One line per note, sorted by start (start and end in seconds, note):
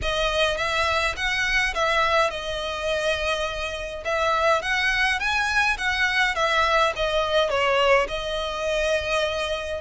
0.02 0.57 D#5
0.57 1.15 E5
1.16 1.74 F#5
1.74 2.30 E5
2.30 4.03 D#5
4.05 4.62 E5
4.62 5.19 F#5
5.19 5.77 G#5
5.77 6.35 F#5
6.35 6.92 E5
6.96 7.49 D#5
7.49 8.07 C#5
8.08 9.81 D#5